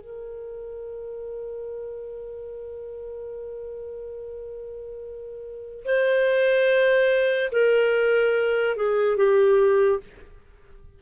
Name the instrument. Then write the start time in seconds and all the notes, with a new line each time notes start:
clarinet
0.00 A#4
5.84 C5
7.51 A#4
8.76 G#4
9.17 G4